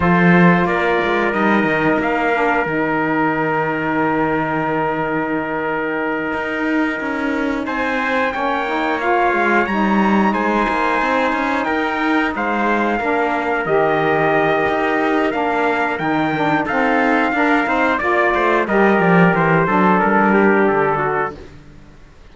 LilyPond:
<<
  \new Staff \with { instrumentName = "trumpet" } { \time 4/4 \tempo 4 = 90 c''4 d''4 dis''4 f''4 | g''1~ | g''2.~ g''8 gis''8~ | gis''8 g''4 f''4 ais''4 gis''8~ |
gis''4. g''4 f''4.~ | f''8 dis''2~ dis''8 f''4 | g''4 f''2 d''4 | dis''8 d''8 c''4 ais'4 a'4 | }
  \new Staff \with { instrumentName = "trumpet" } { \time 4/4 a'4 ais'2.~ | ais'1~ | ais'2.~ ais'8 c''8~ | c''8 cis''2. c''8~ |
c''4. ais'4 c''4 ais'8~ | ais'1~ | ais'4 a'4 ais'8 c''8 d''8 c''8 | ais'4. a'4 g'4 fis'8 | }
  \new Staff \with { instrumentName = "saxophone" } { \time 4/4 f'2 dis'4. d'8 | dis'1~ | dis'1~ | dis'8 cis'8 dis'8 f'4 dis'4.~ |
dis'2.~ dis'8 d'8~ | d'8 g'2~ g'8 d'4 | dis'8 d'8 c'4 d'8 dis'8 f'4 | g'4. d'2~ d'8 | }
  \new Staff \with { instrumentName = "cello" } { \time 4/4 f4 ais8 gis8 g8 dis8 ais4 | dis1~ | dis4. dis'4 cis'4 c'8~ | c'8 ais4. gis8 g4 gis8 |
ais8 c'8 cis'8 dis'4 gis4 ais8~ | ais8 dis4. dis'4 ais4 | dis4 dis'4 d'8 c'8 ais8 a8 | g8 f8 e8 fis8 g4 d4 | }
>>